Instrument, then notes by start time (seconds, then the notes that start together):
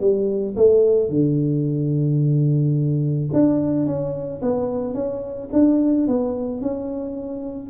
tuba
0.00 G3
0.56 A3
1.09 D3
3.33 D4
3.86 C#4
4.41 B3
4.94 C#4
5.52 D4
6.07 B3
6.61 C#4